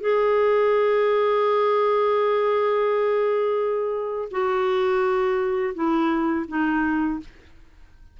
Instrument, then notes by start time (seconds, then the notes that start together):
clarinet
0.00 G#4
4.31 F#4
5.74 E4
6.48 D#4